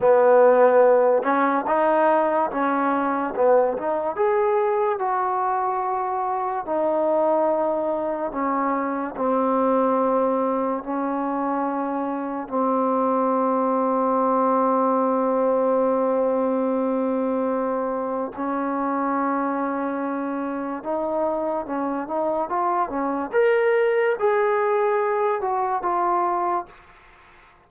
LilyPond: \new Staff \with { instrumentName = "trombone" } { \time 4/4 \tempo 4 = 72 b4. cis'8 dis'4 cis'4 | b8 dis'8 gis'4 fis'2 | dis'2 cis'4 c'4~ | c'4 cis'2 c'4~ |
c'1~ | c'2 cis'2~ | cis'4 dis'4 cis'8 dis'8 f'8 cis'8 | ais'4 gis'4. fis'8 f'4 | }